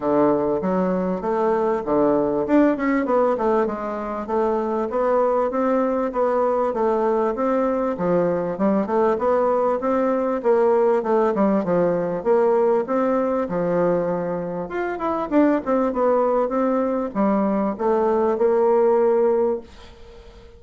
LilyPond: \new Staff \with { instrumentName = "bassoon" } { \time 4/4 \tempo 4 = 98 d4 fis4 a4 d4 | d'8 cis'8 b8 a8 gis4 a4 | b4 c'4 b4 a4 | c'4 f4 g8 a8 b4 |
c'4 ais4 a8 g8 f4 | ais4 c'4 f2 | f'8 e'8 d'8 c'8 b4 c'4 | g4 a4 ais2 | }